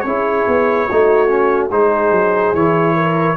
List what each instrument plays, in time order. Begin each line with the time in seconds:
0.00 tuba C#4, trombone E4, trumpet C#5
0.06 horn G#4
0.48 tuba B3
0.87 tuba A3, trombone D#4, horn F#4
1.28 trombone C#4
1.71 tuba G#3, trombone D#4, horn G#4, trumpet C5
2.11 tuba F#3
2.53 tuba E3, trombone E4, trumpet C#5
2.95 horn A#4